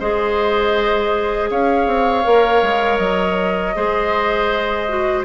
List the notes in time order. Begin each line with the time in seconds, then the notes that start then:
0.00 G#3 G#4 C5 D#5
1.50 C#4 C#5 F5
1.87 C4
2.24 A#3 A#4
2.62 G#3
2.98 F#3 D#5
3.75 G#3 G#4 C5
4.88 F#4